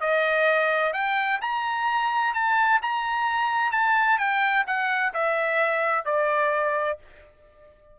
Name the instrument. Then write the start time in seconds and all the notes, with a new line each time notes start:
trumpet
0.00 D#5
0.93 G5
1.41 A#5
2.34 A5
2.82 A#5
3.71 A5
4.18 G5
4.66 F#5
5.14 E5
6.05 D5